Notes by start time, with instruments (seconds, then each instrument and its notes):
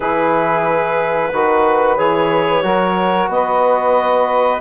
0.00 bassoon E3, trombone E4, saxophone G#4, clarinet B4
1.32 bassoon D#3, trombone F#4, saxophone B4
1.97 bassoon E3, trombone G#4, clarinet C#5
2.62 bassoon F#3, trombone F#4, saxophone A#4
3.28 bassoon B3, saxophone B4, clarinet D#5